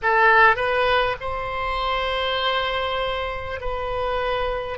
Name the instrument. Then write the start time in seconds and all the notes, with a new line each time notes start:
oboe
0.02 A4
0.56 B4
1.20 C5
3.60 B4